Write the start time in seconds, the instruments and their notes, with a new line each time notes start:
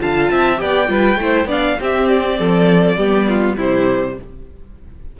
0.00 cello D3, viola F4, violin F5 A5
0.31 cello C4, violin E5
0.57 cello B3, viola G4, violin D5 G5
0.87 cello G3, viola F4, violin B4
1.16 cello A3, viola E4, violin C5
1.45 cello B3, viola D4, violin D5 F5
1.80 viola C4, cello C4, violin G4 E5
2.09 violin D5
2.39 cello F3, violin A4
2.97 cello G3, viola B3, violin G4
3.29 violin F4
3.57 cello C3, viola G3, violin E4 C5